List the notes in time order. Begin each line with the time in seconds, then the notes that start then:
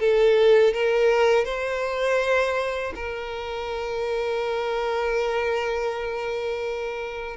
0.00 A4
0.74 A#4
1.45 C5
2.96 A#4